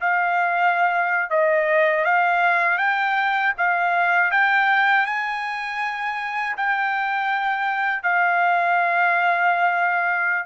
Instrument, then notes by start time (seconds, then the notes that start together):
trumpet
0.00 F5
1.30 D#5
2.04 F5
2.77 G5
3.57 F5
4.31 G5
5.06 G#5
6.57 G5
8.03 F5